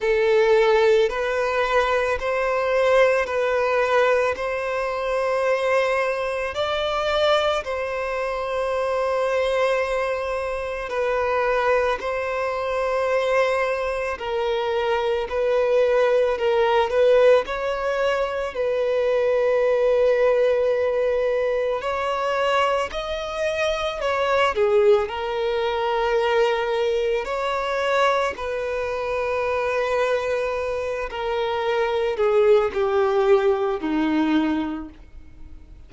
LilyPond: \new Staff \with { instrumentName = "violin" } { \time 4/4 \tempo 4 = 55 a'4 b'4 c''4 b'4 | c''2 d''4 c''4~ | c''2 b'4 c''4~ | c''4 ais'4 b'4 ais'8 b'8 |
cis''4 b'2. | cis''4 dis''4 cis''8 gis'8 ais'4~ | ais'4 cis''4 b'2~ | b'8 ais'4 gis'8 g'4 dis'4 | }